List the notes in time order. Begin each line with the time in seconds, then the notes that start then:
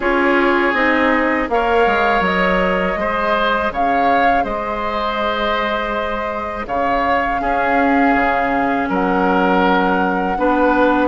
0.00 C#4 F4 G#4 C#5
0.73 C4 D#4 D#5
1.49 A#3 A#4 C#5 F5
1.86 G#3
2.20 F#3 D#5
2.96 G#3 G#4 C5
3.70 C#3 C#5 F5
4.43 G#3 C5 D#5
6.67 C#3 C#5 F5
7.38 C#4 G#4
8.15 C#3
8.89 F#3 A#4 F#5
10.37 B3 D4 B4